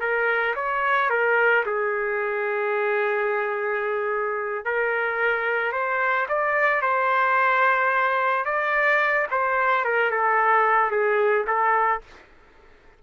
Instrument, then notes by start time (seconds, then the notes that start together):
trumpet
0.00 A#4
0.55 C#5
1.10 A#4
1.66 G#4
4.65 A#4
5.72 C5
6.28 D5
6.82 C5
8.45 D5
9.31 C5
9.85 A#4
10.11 A4
10.91 G#4
11.47 A4